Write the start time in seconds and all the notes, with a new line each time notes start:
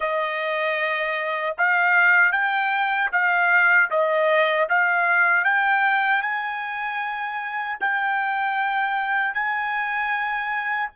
0.00 D#5
1.57 F5
2.32 G5
3.12 F5
3.90 D#5
4.69 F5
5.44 G5
6.22 G#5
7.80 G5
9.34 G#5